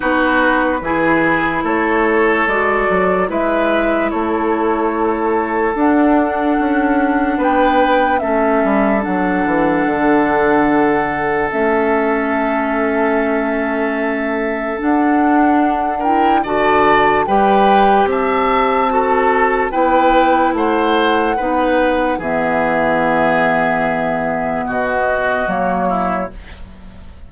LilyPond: <<
  \new Staff \with { instrumentName = "flute" } { \time 4/4 \tempo 4 = 73 b'2 cis''4 d''4 | e''4 cis''2 fis''4~ | fis''4 g''4 e''4 fis''4~ | fis''2 e''2~ |
e''2 fis''4. g''8 | a''4 g''4 a''2 | g''4 fis''2 e''4~ | e''2 dis''4 cis''4 | }
  \new Staff \with { instrumentName = "oboe" } { \time 4/4 fis'4 gis'4 a'2 | b'4 a'2.~ | a'4 b'4 a'2~ | a'1~ |
a'2.~ a'8 ais'8 | d''4 b'4 e''4 a'4 | b'4 c''4 b'4 gis'4~ | gis'2 fis'4. e'8 | }
  \new Staff \with { instrumentName = "clarinet" } { \time 4/4 dis'4 e'2 fis'4 | e'2. d'4~ | d'2 cis'4 d'4~ | d'2 cis'2~ |
cis'2 d'4. e'8 | fis'4 g'2 fis'4 | e'2 dis'4 b4~ | b2. ais4 | }
  \new Staff \with { instrumentName = "bassoon" } { \time 4/4 b4 e4 a4 gis8 fis8 | gis4 a2 d'4 | cis'4 b4 a8 g8 fis8 e8 | d2 a2~ |
a2 d'2 | d4 g4 c'2 | b4 a4 b4 e4~ | e2 b,4 fis4 | }
>>